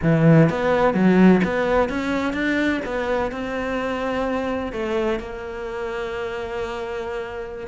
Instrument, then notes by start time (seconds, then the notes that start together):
cello
0.02 E3
0.49 B3
0.94 F#3
1.43 B3
1.89 C#4
2.33 D4
2.85 B3
3.31 C4
4.72 A3
5.19 A#3